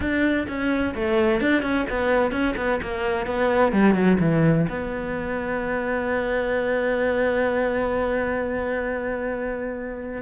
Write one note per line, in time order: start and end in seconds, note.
0.00 0.47 D4
0.48 0.94 C#4
0.94 1.40 A3
1.40 1.62 D4
1.62 1.85 C#4
1.89 2.31 B3
2.31 2.54 C#4
2.57 2.80 B3
2.82 3.26 A#3
3.26 3.72 B3
3.72 3.94 G3
3.94 4.17 F#3
4.20 4.66 E3
4.68 10.22 B3